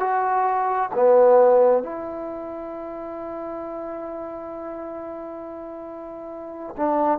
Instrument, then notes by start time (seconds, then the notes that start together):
trombone
0.00 F#4
0.94 B3
1.83 E4
6.77 D4